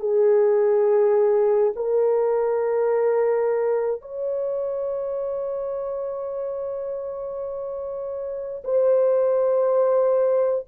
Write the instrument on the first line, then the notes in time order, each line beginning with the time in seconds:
horn
0.00 G#4
1.76 A#4
4.01 C#5
8.64 C5